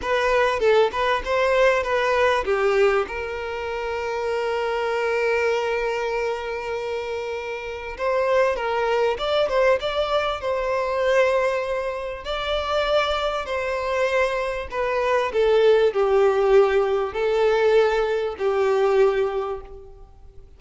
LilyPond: \new Staff \with { instrumentName = "violin" } { \time 4/4 \tempo 4 = 98 b'4 a'8 b'8 c''4 b'4 | g'4 ais'2.~ | ais'1~ | ais'4 c''4 ais'4 d''8 c''8 |
d''4 c''2. | d''2 c''2 | b'4 a'4 g'2 | a'2 g'2 | }